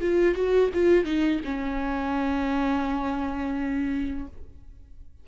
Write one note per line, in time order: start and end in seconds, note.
0.00 0.34 F4
0.34 0.70 F#4
0.73 1.05 F4
1.05 1.40 D#4
1.44 4.27 C#4